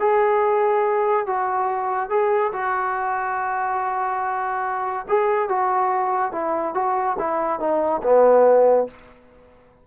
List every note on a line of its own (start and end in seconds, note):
0.00 1.27 G#4
1.27 2.10 F#4
2.10 2.52 G#4
2.53 5.06 F#4
5.09 5.49 G#4
5.49 6.32 F#4
6.32 6.75 E4
6.75 7.17 F#4
7.19 7.60 E4
7.60 8.02 D#4
8.03 8.88 B3